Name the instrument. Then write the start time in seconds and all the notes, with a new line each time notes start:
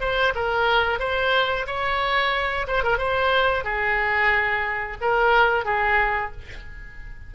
oboe
0.00 C5
0.35 A#4
0.99 C5
1.66 C#5
2.67 C5
2.83 A#4
2.98 C5
3.64 G#4
5.01 A#4
5.65 G#4